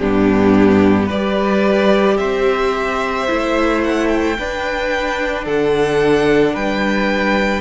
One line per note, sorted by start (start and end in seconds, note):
0.00 1.11 G2
0.00 1.11 B3
0.00 1.07 D4
0.00 1.09 G4
1.07 2.19 G3
1.07 3.28 G4
1.07 2.16 B4
1.07 2.18 D5
2.18 3.28 C4
2.18 4.38 C5
2.18 3.82 E5
3.28 4.39 A3
3.28 4.37 E4
3.84 4.08 F#5
4.08 5.45 G5
4.39 7.62 D4
4.39 5.47 D4
4.39 5.46 B4
5.46 6.55 D3
5.46 6.54 A4
5.46 6.56 F#5
6.54 7.62 G3
6.54 7.62 B4
6.54 7.62 G5